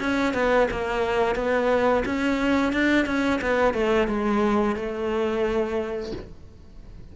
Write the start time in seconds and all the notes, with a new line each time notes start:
0.00 C#4
0.34 B3
0.71 A#3
1.36 B3
2.05 C#4
2.73 D4
3.06 C#4
3.42 B3
3.74 A3
4.08 G#3
4.76 A3